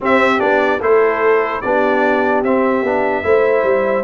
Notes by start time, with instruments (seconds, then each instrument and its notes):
0.00 trombone C4, tuba C4, horn G4, trumpet E5
0.38 tuba B3, trombone D4, trumpet D5
0.80 tuba A3, trombone E4, horn A4, trumpet C5
1.61 tuba B3, trombone D4, horn G4, trumpet D5
2.43 tuba C4, trombone C4, trumpet E5
2.82 tuba B3, trombone D4
3.23 tuba A3, trombone E4, horn C5
3.63 tuba G3